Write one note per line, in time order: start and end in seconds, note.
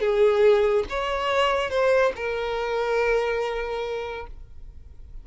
0.00 0.85 G#4
0.89 1.70 C#5
1.70 2.12 C5
2.16 4.27 A#4